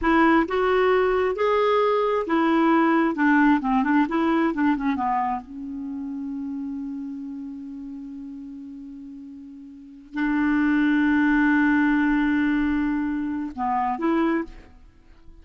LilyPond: \new Staff \with { instrumentName = "clarinet" } { \time 4/4 \tempo 4 = 133 e'4 fis'2 gis'4~ | gis'4 e'2 d'4 | c'8 d'8 e'4 d'8 cis'8 b4 | cis'1~ |
cis'1~ | cis'2~ cis'8 d'4.~ | d'1~ | d'2 b4 e'4 | }